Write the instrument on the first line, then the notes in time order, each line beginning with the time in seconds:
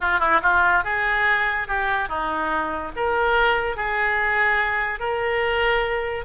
oboe
0.00 F4
0.19 E4
0.42 F4
0.84 G#4
1.67 G4
2.08 D#4
2.95 A#4
3.76 G#4
4.99 A#4